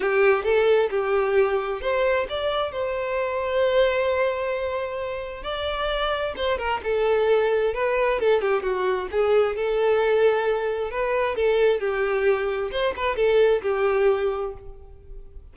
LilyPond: \new Staff \with { instrumentName = "violin" } { \time 4/4 \tempo 4 = 132 g'4 a'4 g'2 | c''4 d''4 c''2~ | c''1 | d''2 c''8 ais'8 a'4~ |
a'4 b'4 a'8 g'8 fis'4 | gis'4 a'2. | b'4 a'4 g'2 | c''8 b'8 a'4 g'2 | }